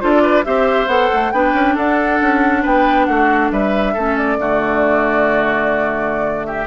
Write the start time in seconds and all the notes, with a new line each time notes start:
0.00 D4 F4 A4 C5
0.10 D5
0.23 B4
0.44 C4 G4 C5 E5
0.87 B3 A4 F#5
1.13 A3
1.32 B3 D4 B4 G5
1.53 C#4
1.75 D4 A4 F#5
2.21 C#4
2.62 B3 B4 G5
3.05 A3 F#4 F#5
3.51 G3 B4 E5
3.93 A3 C#4 A4
4.18 D5
4.38 D3 A3 F#4
6.46 G4 E5